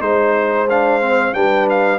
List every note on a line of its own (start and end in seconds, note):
0.00 1.33 G#3
0.00 0.67 D#4
0.00 0.68 C5
0.00 1.34 C5
0.69 1.01 D4
0.69 1.34 F5
1.01 1.33 C4
1.33 1.98 G3
1.33 1.98 D4
1.33 1.98 B4
1.33 1.67 G5
1.69 1.98 F5